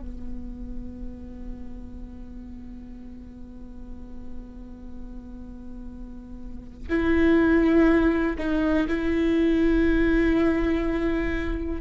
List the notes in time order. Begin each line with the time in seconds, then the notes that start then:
0.00 B3
6.90 E4
8.38 D#4
8.88 E4